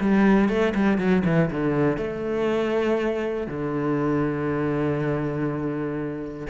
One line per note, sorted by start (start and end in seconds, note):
0.00 0.48 G3
0.48 0.73 A3
0.74 0.97 G3
0.97 1.22 F#3
1.25 1.50 E3
1.50 1.97 D3
1.97 3.47 A3
3.47 6.47 D3